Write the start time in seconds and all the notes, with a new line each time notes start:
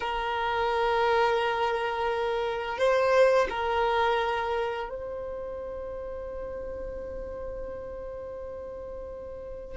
0.00 A#4
2.77 C5
3.49 A#4
4.89 C5